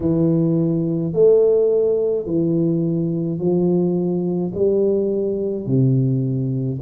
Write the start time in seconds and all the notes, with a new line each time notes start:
0.00 E3
1.13 A3
2.25 E3
3.38 F3
4.54 G3
5.66 C3